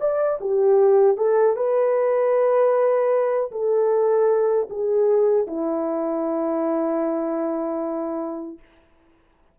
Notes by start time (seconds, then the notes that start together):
0.00 D5
0.41 G4
1.17 A4
1.56 B4
3.51 A4
4.70 G#4
5.47 E4